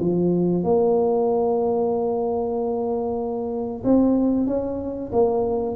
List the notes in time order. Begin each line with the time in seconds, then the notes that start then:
0.00 F3
0.64 A#3
3.84 C4
4.47 C#4
5.12 A#3